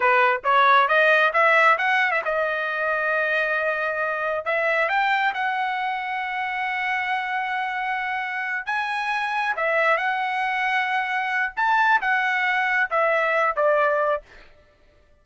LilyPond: \new Staff \with { instrumentName = "trumpet" } { \time 4/4 \tempo 4 = 135 b'4 cis''4 dis''4 e''4 | fis''8. e''16 dis''2.~ | dis''2 e''4 g''4 | fis''1~ |
fis''2.~ fis''8 gis''8~ | gis''4. e''4 fis''4.~ | fis''2 a''4 fis''4~ | fis''4 e''4. d''4. | }